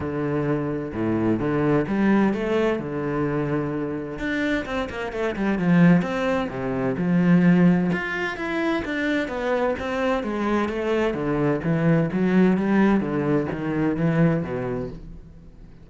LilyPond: \new Staff \with { instrumentName = "cello" } { \time 4/4 \tempo 4 = 129 d2 a,4 d4 | g4 a4 d2~ | d4 d'4 c'8 ais8 a8 g8 | f4 c'4 c4 f4~ |
f4 f'4 e'4 d'4 | b4 c'4 gis4 a4 | d4 e4 fis4 g4 | d4 dis4 e4 b,4 | }